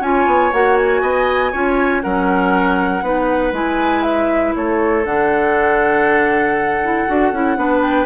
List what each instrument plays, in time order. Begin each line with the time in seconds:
0.00 bassoon C#4, clarinet F4, oboe C#5, flute G#5
0.26 bassoon B3
0.52 bassoon A#3, clarinet F#4, flute F#5
0.76 flute G#5
1.01 bassoon B3, oboe D#5
1.51 bassoon C#4, clarinet F4, oboe C#5
2.01 bassoon F#3, clarinet C#4, oboe A#4, flute F#5
3.02 bassoon B3, clarinet D#4, oboe B4
3.52 bassoon G#3, clarinet E4, flute G#5
4.02 flute E5
4.55 bassoon A3, oboe A4, flute C#5
5.04 bassoon D3, clarinet D4, flute F#5
6.83 clarinet E4
7.07 bassoon D4, clarinet F#4
7.31 bassoon C#4, clarinet E4
7.56 bassoon B3, clarinet D4, oboe B4
7.81 flute G5